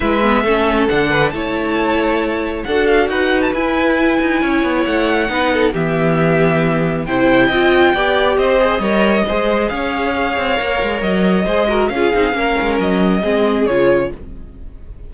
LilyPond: <<
  \new Staff \with { instrumentName = "violin" } { \time 4/4 \tempo 4 = 136 e''2 fis''4 a''4~ | a''2 fis''8 f''8 fis''8. a''16 | gis''2. fis''4~ | fis''4 e''2. |
g''2. dis''4~ | dis''2 f''2~ | f''4 dis''2 f''4~ | f''4 dis''2 cis''4 | }
  \new Staff \with { instrumentName = "violin" } { \time 4/4 b'4 a'4. b'8 cis''4~ | cis''2 a'4 b'4~ | b'2 cis''2 | b'8 a'8 g'2. |
c''4 dis''4 d''4 c''4 | cis''4 c''4 cis''2~ | cis''2 c''8 ais'8 gis'4 | ais'2 gis'2 | }
  \new Staff \with { instrumentName = "viola" } { \time 4/4 e'8 b8 cis'4 d'4 e'4~ | e'2 fis'2 | e'1 | dis'4 b2. |
e'4 f'4 g'4. gis'8 | ais'4 gis'2. | ais'2 gis'8 fis'8 f'8 dis'8 | cis'2 c'4 f'4 | }
  \new Staff \with { instrumentName = "cello" } { \time 4/4 gis4 a4 d4 a4~ | a2 d'4 dis'4 | e'4. dis'8 cis'8 b8 a4 | b4 e2. |
c4 c'4 b4 c'4 | g4 gis4 cis'4. c'8 | ais8 gis8 fis4 gis4 cis'8 c'8 | ais8 gis8 fis4 gis4 cis4 | }
>>